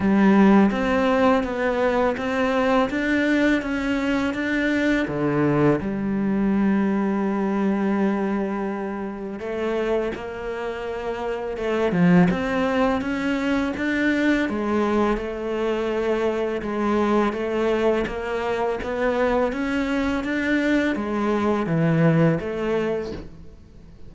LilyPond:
\new Staff \with { instrumentName = "cello" } { \time 4/4 \tempo 4 = 83 g4 c'4 b4 c'4 | d'4 cis'4 d'4 d4 | g1~ | g4 a4 ais2 |
a8 f8 c'4 cis'4 d'4 | gis4 a2 gis4 | a4 ais4 b4 cis'4 | d'4 gis4 e4 a4 | }